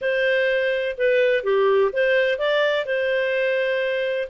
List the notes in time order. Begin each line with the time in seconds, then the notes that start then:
0.01 C5
0.97 B4
1.43 G4
1.92 C5
2.38 D5
2.85 C5